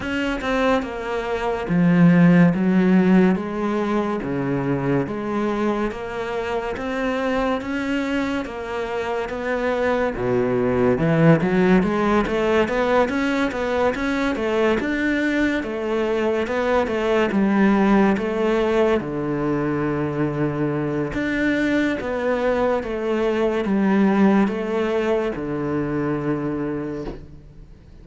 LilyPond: \new Staff \with { instrumentName = "cello" } { \time 4/4 \tempo 4 = 71 cis'8 c'8 ais4 f4 fis4 | gis4 cis4 gis4 ais4 | c'4 cis'4 ais4 b4 | b,4 e8 fis8 gis8 a8 b8 cis'8 |
b8 cis'8 a8 d'4 a4 b8 | a8 g4 a4 d4.~ | d4 d'4 b4 a4 | g4 a4 d2 | }